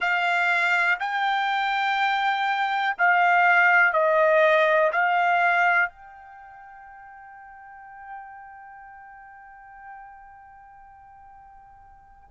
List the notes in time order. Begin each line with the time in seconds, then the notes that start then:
0.00 F5
0.99 G5
2.98 F5
3.93 D#5
4.92 F5
5.89 G5